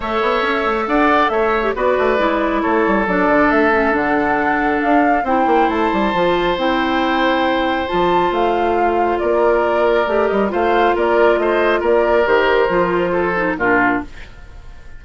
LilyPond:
<<
  \new Staff \with { instrumentName = "flute" } { \time 4/4 \tempo 4 = 137 e''2 fis''4 e''4 | d''2 cis''4 d''4 | e''4 fis''2 f''4 | g''4 a''2 g''4~ |
g''2 a''4 f''4~ | f''4 d''2~ d''8 dis''8 | f''4 d''4 dis''4 d''4 | c''2. ais'4 | }
  \new Staff \with { instrumentName = "oboe" } { \time 4/4 cis''2 d''4 cis''4 | b'2 a'2~ | a'1 | c''1~ |
c''1~ | c''4 ais'2. | c''4 ais'4 c''4 ais'4~ | ais'2 a'4 f'4 | }
  \new Staff \with { instrumentName = "clarinet" } { \time 4/4 a'2.~ a'8. g'16 | fis'4 e'2 d'4~ | d'8 cis'8 d'2. | e'2 f'4 e'4~ |
e'2 f'2~ | f'2. g'4 | f'1 | g'4 f'4. dis'8 d'4 | }
  \new Staff \with { instrumentName = "bassoon" } { \time 4/4 a8 b8 cis'8 a8 d'4 a4 | b8 a8 gis4 a8 g8 fis8 d8 | a4 d2 d'4 | c'8 ais8 a8 g8 f4 c'4~ |
c'2 f4 a4~ | a4 ais2 a8 g8 | a4 ais4 a4 ais4 | dis4 f2 ais,4 | }
>>